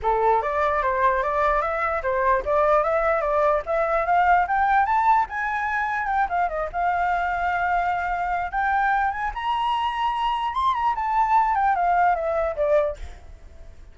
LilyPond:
\new Staff \with { instrumentName = "flute" } { \time 4/4 \tempo 4 = 148 a'4 d''4 c''4 d''4 | e''4 c''4 d''4 e''4 | d''4 e''4 f''4 g''4 | a''4 gis''2 g''8 f''8 |
dis''8 f''2.~ f''8~ | f''4 g''4. gis''8 ais''4~ | ais''2 c'''8 ais''8 a''4~ | a''8 g''8 f''4 e''4 d''4 | }